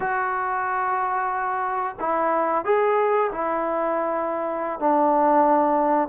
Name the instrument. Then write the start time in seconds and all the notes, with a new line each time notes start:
trombone
0.00 F#4
1.99 E4
2.65 G#4
3.32 E4
4.79 D4